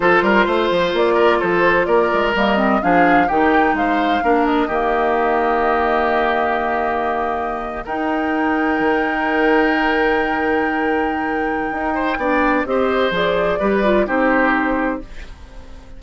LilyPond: <<
  \new Staff \with { instrumentName = "flute" } { \time 4/4 \tempo 4 = 128 c''2 d''4 c''4 | d''4 dis''4 f''4 g''4 | f''4. dis''2~ dis''8~ | dis''1~ |
dis''8. g''2.~ g''16~ | g''1~ | g''2. dis''4 | d''2 c''2 | }
  \new Staff \with { instrumentName = "oboe" } { \time 4/4 a'8 ais'8 c''4. ais'8 a'4 | ais'2 gis'4 g'4 | c''4 ais'4 g'2~ | g'1~ |
g'8. ais'2.~ ais'16~ | ais'1~ | ais'4. c''8 d''4 c''4~ | c''4 b'4 g'2 | }
  \new Staff \with { instrumentName = "clarinet" } { \time 4/4 f'1~ | f'4 ais8 c'8 d'4 dis'4~ | dis'4 d'4 ais2~ | ais1~ |
ais8. dis'2.~ dis'16~ | dis'1~ | dis'2 d'4 g'4 | gis'4 g'8 f'8 dis'2 | }
  \new Staff \with { instrumentName = "bassoon" } { \time 4/4 f8 g8 a8 f8 ais4 f4 | ais8 gis8 g4 f4 dis4 | gis4 ais4 dis2~ | dis1~ |
dis8. dis'2 dis4~ dis16~ | dis1~ | dis4 dis'4 b4 c'4 | f4 g4 c'2 | }
>>